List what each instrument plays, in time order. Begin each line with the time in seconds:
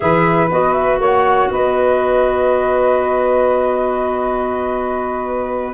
0.00 tuba E3, clarinet G#4, saxophone B4, flute E5
0.50 tuba B3, clarinet F#4, flute D#5
0.73 flute E5
0.99 tuba A#3, saxophone C#5, flute F#5
1.50 tuba B3, saxophone B4, flute D#5